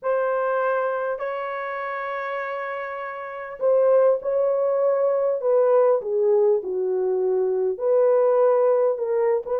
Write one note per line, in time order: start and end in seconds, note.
0.02 1.18 C5
1.18 3.58 C#5
3.59 4.19 C5
4.21 5.41 C#5
5.41 6.01 B4
6.01 6.61 G#4
6.63 7.78 F#4
7.78 8.98 B4
8.98 9.43 A#4
9.45 9.60 B4